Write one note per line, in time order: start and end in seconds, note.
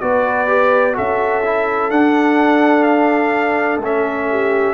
0.00 0.98 B3
0.00 0.47 F#4
0.00 0.96 B4
0.00 0.95 D5
0.47 0.94 G4
0.94 1.90 C#4
0.94 1.42 F#4
0.94 4.29 A4
0.94 1.91 E5
1.45 1.92 E4
1.90 3.78 D4
1.90 3.82 D4
1.90 2.83 F#5
2.83 3.79 F5
3.78 4.73 A3
3.78 4.74 C#4
3.85 4.74 E5
4.31 4.74 G4